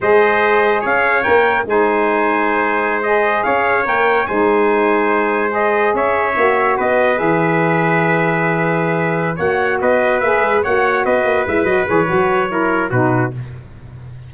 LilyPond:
<<
  \new Staff \with { instrumentName = "trumpet" } { \time 4/4 \tempo 4 = 144 dis''2 f''4 g''4 | gis''2.~ gis''16 dis''8.~ | dis''16 f''4 g''4 gis''4.~ gis''16~ | gis''4~ gis''16 dis''4 e''4.~ e''16~ |
e''16 dis''4 e''2~ e''8.~ | e''2~ e''8 fis''4 dis''8~ | dis''8 e''4 fis''4 dis''4 e''8 | dis''8 cis''2~ cis''8 b'4 | }
  \new Staff \with { instrumentName = "trumpet" } { \time 4/4 c''2 cis''2 | c''1~ | c''16 cis''2 c''4.~ c''16~ | c''2~ c''16 cis''4.~ cis''16~ |
cis''16 b'2.~ b'8.~ | b'2~ b'8 cis''4 b'8~ | b'4. cis''4 b'4.~ | b'2 ais'4 fis'4 | }
  \new Staff \with { instrumentName = "saxophone" } { \time 4/4 gis'2. ais'4 | dis'2.~ dis'16 gis'8.~ | gis'4~ gis'16 ais'4 dis'4.~ dis'16~ | dis'4~ dis'16 gis'2 fis'8.~ |
fis'4~ fis'16 gis'2~ gis'8.~ | gis'2~ gis'8 fis'4.~ | fis'8 gis'4 fis'2 e'8 | fis'8 gis'8 fis'4 e'4 dis'4 | }
  \new Staff \with { instrumentName = "tuba" } { \time 4/4 gis2 cis'4 ais4 | gis1~ | gis16 cis'4 ais4 gis4.~ gis16~ | gis2~ gis16 cis'4 ais8.~ |
ais16 b4 e2~ e8.~ | e2~ e8 ais4 b8~ | b8 ais8 gis8 ais4 b8 ais8 gis8 | fis8 e8 fis2 b,4 | }
>>